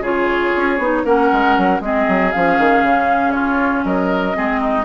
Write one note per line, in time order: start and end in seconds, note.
0.00 0.51 C#3
0.00 0.79 F4
0.00 1.03 G#4
0.00 1.05 C#5
0.57 0.79 C#4
0.79 1.04 B3
0.79 1.05 D#4
1.05 1.30 A#3
1.05 1.81 C#4
1.05 1.82 A#4
1.05 1.81 F#5
1.33 1.58 G#3
1.58 1.81 F#3
1.81 2.06 G#3
1.81 2.33 C4
1.81 3.34 G#4
1.81 2.33 D#5
2.09 2.34 F#3
2.33 2.59 F3
2.33 4.34 C#4
2.33 3.32 F5
2.59 2.83 D#3
2.83 3.84 C#3
3.32 3.85 F4
3.32 3.83 C#5
3.85 4.36 F#3
3.85 4.37 A#4
3.85 4.86 D#5
4.34 4.86 G#3
4.34 4.85 C4
4.34 4.60 G#4
4.60 4.86 D#4